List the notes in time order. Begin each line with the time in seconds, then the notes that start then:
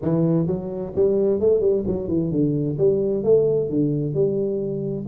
0.02 E3
0.46 F#3
0.95 G3
1.40 A3
1.60 G3
1.87 F#3
2.08 E3
2.31 D3
2.78 G3
3.23 A3
3.69 D3
4.14 G3